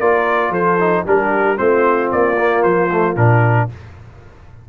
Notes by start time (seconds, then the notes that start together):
0.00 A#3 F4 A#4 D5
0.50 F3 A4 C5
0.79 D#4
1.05 G3 D4 G4 A#4
1.57 A3 C4 F4 C5
2.11 A#3 D5
2.37 A#3
2.63 F3 C5
2.91 A3
3.16 A#2 D4 A#4